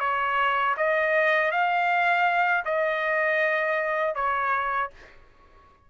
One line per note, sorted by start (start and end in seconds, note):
0.00 0.75 C#5
0.77 1.52 D#5
1.52 2.64 F5
2.65 4.15 D#5
4.15 4.90 C#5